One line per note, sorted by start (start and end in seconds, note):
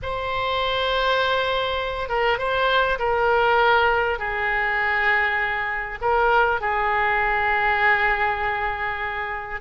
0.02 2.08 C5
2.08 2.38 A#4
2.38 2.98 C5
2.98 4.18 A#4
4.18 5.98 G#4
6.01 6.60 A#4
6.60 9.60 G#4